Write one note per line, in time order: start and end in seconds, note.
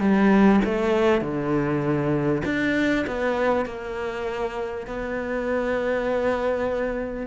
0.00 0.61 G3
0.65 1.21 A3
1.21 2.43 D3
2.45 3.06 D4
3.07 3.66 B3
3.66 4.87 A#3
4.87 7.27 B3